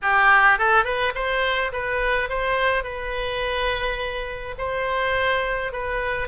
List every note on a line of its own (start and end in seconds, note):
0.02 0.58 G4
0.58 0.84 A4
0.84 1.12 B4
1.14 1.71 C5
1.72 2.29 B4
2.29 2.83 C5
2.83 4.55 B4
4.58 5.72 C5
5.72 6.28 B4